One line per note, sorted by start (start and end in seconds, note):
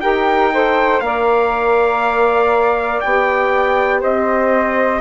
0.00 1.01 D#4
0.00 0.51 G4
0.00 0.52 A#4
0.00 1.00 G5
0.53 1.02 A4
0.53 1.03 C5
1.00 3.01 A#3
1.00 3.02 A#4
1.00 4.00 D5
1.00 3.00 F5
3.00 4.03 B3
3.00 5.01 G4
3.00 4.00 G5
4.00 5.01 C4
4.00 5.00 C5
4.00 5.01 D#5